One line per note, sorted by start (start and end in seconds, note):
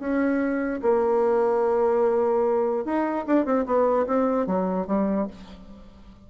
0.00 0.81 C#4
0.83 2.85 A#3
2.85 3.26 D#4
3.27 3.46 D4
3.46 3.66 C4
3.66 4.07 B3
4.07 4.47 C4
4.47 4.88 F#3
4.88 5.28 G3